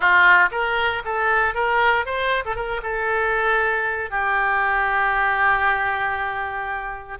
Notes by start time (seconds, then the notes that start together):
0.00 F4
0.51 A#4
1.04 A4
1.54 A#4
2.05 C5
2.45 A4
2.55 A#4
2.82 A4
4.10 G4